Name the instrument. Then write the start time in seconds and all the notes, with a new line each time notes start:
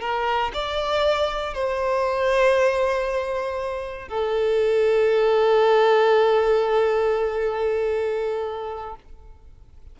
violin
0.00 A#4
0.53 D5
1.54 C5
4.08 A4